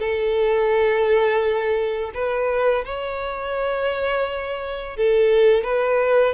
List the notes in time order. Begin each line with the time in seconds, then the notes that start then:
0.00 A4
2.15 B4
2.86 C#5
4.97 A4
5.64 B4